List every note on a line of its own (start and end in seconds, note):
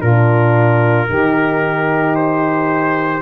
0.00 1.09 A#2
0.00 1.08 D4
0.00 1.07 F4
0.00 2.15 A#4
1.09 3.22 D#3
1.09 3.22 D#4
1.09 3.22 G4
2.15 3.22 C5